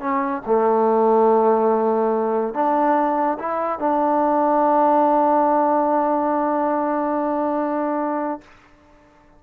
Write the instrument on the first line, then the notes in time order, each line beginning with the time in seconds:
trombone
0.00 C#4
0.46 A3
2.54 D4
3.39 E4
3.79 D4